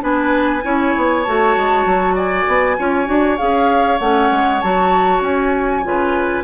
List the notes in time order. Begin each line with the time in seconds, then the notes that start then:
0.00 B3 D4 B4 G#5
0.63 C#4 E4 C#5
0.96 B3
1.23 A3 F#4 A5
1.57 G#3
1.85 F#3
2.15 D5 G#5
2.47 B3
2.78 C#4 F4 C#5
3.05 D4 F#4
3.37 C#4 G#4 F5
3.99 A3 C#4 F#5
4.31 G#3
4.60 F#3 F#4 A5
5.20 C#4 G#5
5.83 C#3 F4 B4